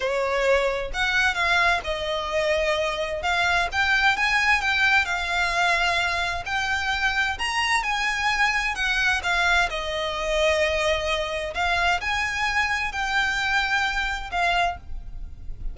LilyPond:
\new Staff \with { instrumentName = "violin" } { \time 4/4 \tempo 4 = 130 cis''2 fis''4 f''4 | dis''2. f''4 | g''4 gis''4 g''4 f''4~ | f''2 g''2 |
ais''4 gis''2 fis''4 | f''4 dis''2.~ | dis''4 f''4 gis''2 | g''2. f''4 | }